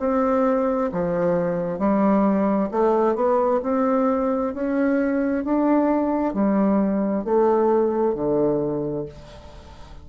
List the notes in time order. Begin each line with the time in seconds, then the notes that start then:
0.00 C4
0.92 F3
1.79 G3
2.71 A3
3.15 B3
3.63 C4
4.55 C#4
5.45 D4
6.34 G3
7.25 A3
8.15 D3